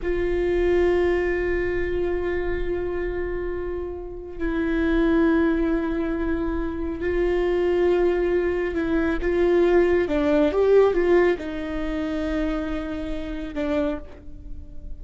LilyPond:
\new Staff \with { instrumentName = "viola" } { \time 4/4 \tempo 4 = 137 f'1~ | f'1~ | f'2 e'2~ | e'1 |
f'1 | e'4 f'2 d'4 | g'4 f'4 dis'2~ | dis'2. d'4 | }